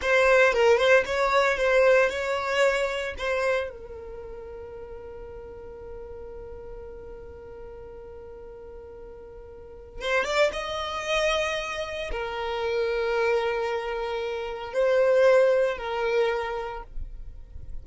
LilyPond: \new Staff \with { instrumentName = "violin" } { \time 4/4 \tempo 4 = 114 c''4 ais'8 c''8 cis''4 c''4 | cis''2 c''4 ais'4~ | ais'1~ | ais'1~ |
ais'2. c''8 d''8 | dis''2. ais'4~ | ais'1 | c''2 ais'2 | }